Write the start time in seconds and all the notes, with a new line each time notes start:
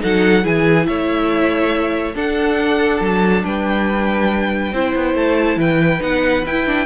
0.00 F#3 D#4 A4 F#5
0.42 E3 E4 G#4 G#5
0.87 A3 C#5 E5
2.14 D4 A4 F#5
3.00 F#3 A5
3.44 G3 B4 G5
4.72 C4 E4 C5
4.94 B3
5.14 A3 A5
5.56 E3 B4 G5
6.00 B3 D#4 F#5
6.45 E4 G5
6.66 D4